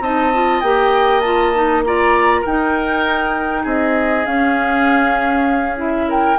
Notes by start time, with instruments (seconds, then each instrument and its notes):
0.00 bassoon C4, clarinet D#4, oboe D#5, flute A5
0.33 clarinet F4
0.60 bassoon A#3, clarinet G4, flute G5
1.20 clarinet F4, flute A5
1.54 clarinet D#4
1.84 clarinet F4, oboe D5, flute A#5
2.41 clarinet D#4, bassoon D#4, oboe A#4, flute G5
3.63 bassoon C4, oboe G#4, flute D#5
4.25 clarinet C#4, bassoon C#4, flute F5
5.76 clarinet E4, flute E5
6.08 oboe A#4, flute G5